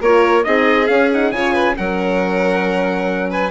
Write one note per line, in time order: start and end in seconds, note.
0.00 0.44 A#3
0.00 0.44 F4
0.00 0.45 A#4
0.00 0.43 C#5
0.43 0.89 C4
0.43 0.86 D#4
0.43 1.34 G#4
0.43 0.86 D#5
0.86 1.08 C#4
0.86 1.31 C#4
0.86 1.08 F5
1.12 1.33 D#4
1.12 1.31 F#5
1.31 1.75 C#3
1.31 1.77 F4
1.31 1.53 C#5
1.31 1.75 G#5
1.53 1.75 B4
1.77 3.50 F#3
1.77 3.50 C#4
1.77 3.29 A#4
1.77 3.30 F#5
3.29 3.50 B4
3.29 3.50 G#5